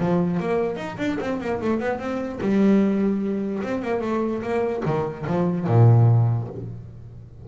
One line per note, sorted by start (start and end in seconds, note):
0.00 0.40 F3
0.40 0.77 A#3
0.77 0.97 D#4
0.98 1.19 D4
1.21 1.41 C4
1.41 1.61 A#3
1.62 1.80 A3
1.80 1.99 B3
1.99 2.40 C4
2.42 3.63 G3
3.63 3.83 C4
3.83 4.02 A#3
4.02 4.42 A3
4.43 4.84 A#3
4.86 5.26 D#3
5.27 5.67 F3
5.67 6.48 A#2